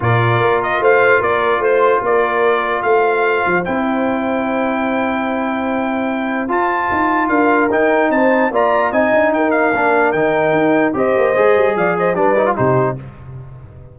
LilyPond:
<<
  \new Staff \with { instrumentName = "trumpet" } { \time 4/4 \tempo 4 = 148 d''4. dis''8 f''4 d''4 | c''4 d''2 f''4~ | f''4 g''2.~ | g''1 |
a''2 f''4 g''4 | a''4 ais''4 gis''4 g''8 f''8~ | f''4 g''2 dis''4~ | dis''4 f''8 dis''8 d''4 c''4 | }
  \new Staff \with { instrumentName = "horn" } { \time 4/4 ais'2 c''4 ais'4 | c''4 ais'2 c''4~ | c''1~ | c''1~ |
c''2 ais'2 | c''4 d''4 dis''4 ais'4~ | ais'2. c''4~ | c''4 d''8 c''8 b'4 g'4 | }
  \new Staff \with { instrumentName = "trombone" } { \time 4/4 f'1~ | f'1~ | f'4 e'2.~ | e'1 |
f'2. dis'4~ | dis'4 f'4 dis'2 | d'4 dis'2 g'4 | gis'2 d'8 dis'16 f'16 dis'4 | }
  \new Staff \with { instrumentName = "tuba" } { \time 4/4 ais,4 ais4 a4 ais4 | a4 ais2 a4~ | a8 f8 c'2.~ | c'1 |
f'4 dis'4 d'4 dis'4 | c'4 ais4 c'8 d'8 dis'4 | ais4 dis4 dis'4 c'8 ais8 | gis8 g8 f4 g4 c4 | }
>>